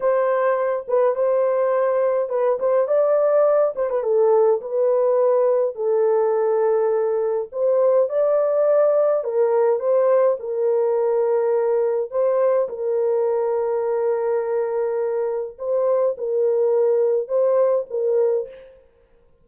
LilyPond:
\new Staff \with { instrumentName = "horn" } { \time 4/4 \tempo 4 = 104 c''4. b'8 c''2 | b'8 c''8 d''4. c''16 b'16 a'4 | b'2 a'2~ | a'4 c''4 d''2 |
ais'4 c''4 ais'2~ | ais'4 c''4 ais'2~ | ais'2. c''4 | ais'2 c''4 ais'4 | }